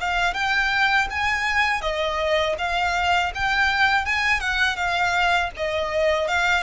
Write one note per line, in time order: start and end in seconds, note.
0.00 0.34 F5
0.34 1.08 G5
1.10 1.81 G#5
1.81 2.56 D#5
2.58 3.32 F5
3.34 4.05 G5
4.05 4.40 G#5
4.40 4.76 F#5
4.76 5.50 F5
5.56 6.28 D#5
6.28 6.63 F5